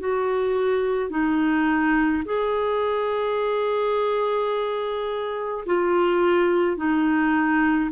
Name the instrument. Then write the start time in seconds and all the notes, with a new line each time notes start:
clarinet
0.00 F#4
1.10 D#4
2.25 G#4
5.66 F4
6.77 D#4